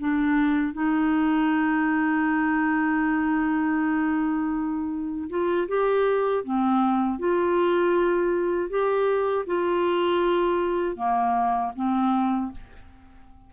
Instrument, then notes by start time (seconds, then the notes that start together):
clarinet
0.00 D4
0.74 D#4
5.30 F4
5.69 G4
6.44 C4
7.19 F4
8.70 G4
9.47 F4
10.96 A#3
11.76 C4